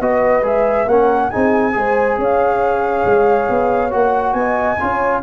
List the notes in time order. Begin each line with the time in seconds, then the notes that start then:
0.00 B3 F#4 B4 D#5
0.43 G#3 G#4 E5
0.86 A#3 C#4 A#4 F#5
1.30 C4 D#4 G#4 G#5
1.73 G#3 G#4 C5
2.18 C#4 C#5 F5
3.05 G#3
3.50 B3
3.90 A#3 F#4 F#5
4.33 B3 D#5 G#5
4.80 C#4 F4 C#5